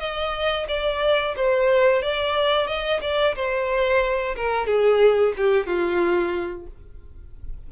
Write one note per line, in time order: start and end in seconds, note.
0.00 0.67 D#5
0.68 1.35 D5
1.36 2.02 C5
2.02 2.67 D5
2.67 3.00 D#5
3.02 3.35 D5
3.35 4.35 C5
4.36 4.67 A#4
4.67 5.34 G#4
5.37 5.67 G4
5.67 6.67 F4